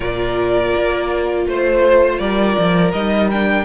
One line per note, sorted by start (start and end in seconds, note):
0.00 0.73 A#2
0.00 2.91 F4
0.00 1.43 A#4
0.00 1.46 D5
0.76 1.46 A#3
1.46 2.19 A3
1.46 2.18 C5
1.46 2.20 C5
2.18 2.56 G3
2.18 3.65 A#4
2.18 2.91 D5
2.57 2.92 F3
2.92 3.65 G3
2.92 3.31 D#4
2.92 3.29 D#5
3.31 3.65 D4
3.31 3.65 G5